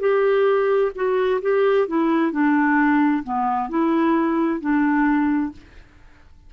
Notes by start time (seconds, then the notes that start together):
0.00 G4
0.95 F#4
1.42 G4
1.87 E4
2.32 D4
3.23 B3
3.69 E4
4.60 D4